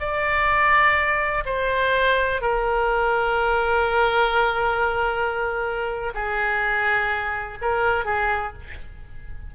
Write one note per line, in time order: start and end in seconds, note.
0.00 1.44 D5
1.45 2.41 C5
2.42 6.14 A#4
6.15 7.59 G#4
7.61 8.05 A#4
8.05 8.53 G#4